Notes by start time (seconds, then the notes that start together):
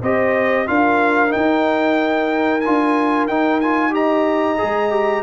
0.00 C4 G4 C5 D#5
0.66 D4 F4 A#4 F5
1.28 D#4 G5
1.36 D#4
2.60 F4 G#5
2.66 D4
3.27 D#4 G5
3.60 F4 G#5
3.90 G4 D#5 A#5
4.57 G#3 G#4
4.90 G4